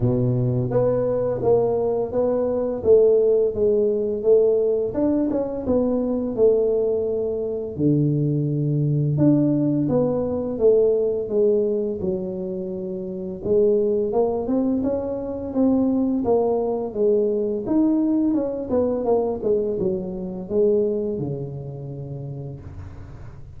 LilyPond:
\new Staff \with { instrumentName = "tuba" } { \time 4/4 \tempo 4 = 85 b,4 b4 ais4 b4 | a4 gis4 a4 d'8 cis'8 | b4 a2 d4~ | d4 d'4 b4 a4 |
gis4 fis2 gis4 | ais8 c'8 cis'4 c'4 ais4 | gis4 dis'4 cis'8 b8 ais8 gis8 | fis4 gis4 cis2 | }